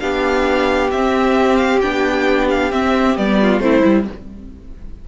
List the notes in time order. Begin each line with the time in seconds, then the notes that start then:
0.00 B3 D4 G4 F5
0.91 C4 E5
1.57 F5
1.81 B3 D4 G5
2.50 F5
2.72 C4 E5
3.16 G3 B3 D5
3.42 F4
3.60 A3 C4 E4 C5
3.82 G3 E4